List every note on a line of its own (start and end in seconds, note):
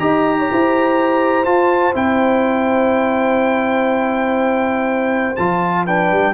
0.00 0.49 D#4
0.00 1.45 G4
0.00 0.39 D#5
0.00 1.45 A#5
0.39 0.51 C#5
0.52 1.46 E4
0.52 5.85 C5
1.45 1.94 F4
1.45 1.95 F4
1.45 1.94 A5
1.94 5.37 C4
1.94 5.35 E4
1.94 5.36 G5
5.36 6.12 F3
5.36 5.88 F4
5.36 5.85 A5
5.85 6.35 D4
5.85 6.34 B4
5.85 6.35 G5
6.12 6.35 G3